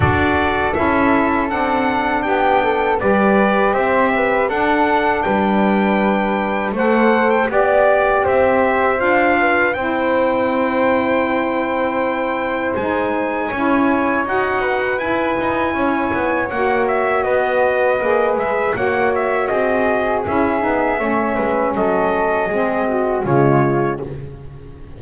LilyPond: <<
  \new Staff \with { instrumentName = "trumpet" } { \time 4/4 \tempo 4 = 80 d''4 e''4 fis''4 g''4 | d''4 e''4 fis''4 g''4~ | g''4 fis''8. g''16 d''4 e''4 | f''4 g''2.~ |
g''4 gis''2 fis''4 | gis''2 fis''8 e''8 dis''4~ | dis''8 e''8 fis''8 e''8 dis''4 e''4~ | e''4 dis''2 cis''4 | }
  \new Staff \with { instrumentName = "flute" } { \time 4/4 a'2. g'8 a'8 | b'4 c''8 b'8 a'4 b'4~ | b'4 c''4 d''4 c''4~ | c''8 b'8 c''2.~ |
c''2 cis''4. b'8~ | b'4 cis''2 b'4~ | b'4 cis''4 gis'2 | cis''8 b'8 a'4 gis'8 fis'8 f'4 | }
  \new Staff \with { instrumentName = "saxophone" } { \time 4/4 fis'4 e'4 d'2 | g'2 d'2~ | d'4 a'4 g'2 | f'4 e'2.~ |
e'4 dis'4 e'4 fis'4 | e'2 fis'2 | gis'4 fis'2 e'8 dis'8 | cis'2 c'4 gis4 | }
  \new Staff \with { instrumentName = "double bass" } { \time 4/4 d'4 cis'4 c'4 b4 | g4 c'4 d'4 g4~ | g4 a4 b4 c'4 | d'4 c'2.~ |
c'4 gis4 cis'4 dis'4 | e'8 dis'8 cis'8 b8 ais4 b4 | ais8 gis8 ais4 c'4 cis'8 b8 | a8 gis8 fis4 gis4 cis4 | }
>>